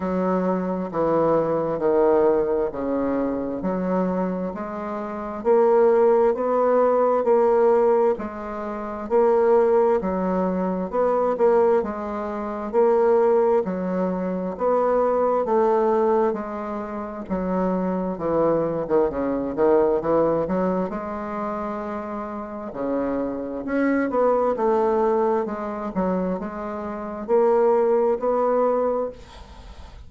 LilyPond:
\new Staff \with { instrumentName = "bassoon" } { \time 4/4 \tempo 4 = 66 fis4 e4 dis4 cis4 | fis4 gis4 ais4 b4 | ais4 gis4 ais4 fis4 | b8 ais8 gis4 ais4 fis4 |
b4 a4 gis4 fis4 | e8. dis16 cis8 dis8 e8 fis8 gis4~ | gis4 cis4 cis'8 b8 a4 | gis8 fis8 gis4 ais4 b4 | }